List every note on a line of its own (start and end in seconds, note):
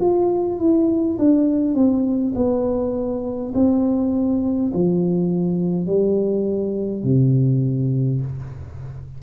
0.00 0.59 F4
0.59 1.18 E4
1.18 1.74 D4
1.74 2.33 C4
2.35 3.52 B3
3.54 4.72 C4
4.73 5.86 F3
5.86 7.03 G3
7.03 8.21 C3